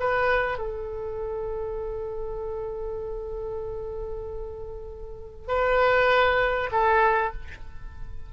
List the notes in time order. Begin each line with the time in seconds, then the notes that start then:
0.00 B4
0.58 A4
5.48 B4
6.72 A4